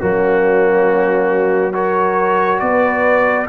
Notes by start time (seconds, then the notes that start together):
0.00 F#3 A#3 C#4 F#4
1.73 F#4 A#4 C#5
2.60 B3 D5
2.67 B4